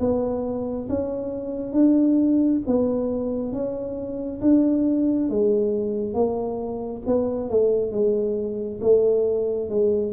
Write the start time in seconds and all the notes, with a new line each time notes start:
0.00 B3
0.89 C#4
1.72 D4
2.67 B3
3.53 C#4
4.41 D4
5.29 G#3
6.14 A#3
7.06 B3
7.50 A3
7.92 G#3
8.81 A3
9.69 G#3